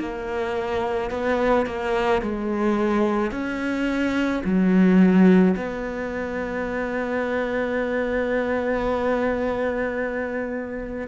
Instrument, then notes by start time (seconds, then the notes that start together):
cello
0.00 A#3
1.11 B3
1.67 A#3
2.22 G#3
3.31 C#4
4.44 F#3
5.57 B3